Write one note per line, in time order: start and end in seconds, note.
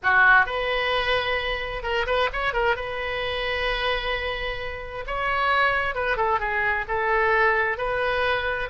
0.02 0.46 F#4
0.46 1.83 B4
1.83 2.05 A#4
2.06 2.29 B4
2.33 2.53 C#5
2.53 2.76 A#4
2.76 5.05 B4
5.06 5.95 C#5
5.95 6.16 B4
6.16 6.39 A4
6.39 6.85 G#4
6.87 7.77 A4
7.77 8.69 B4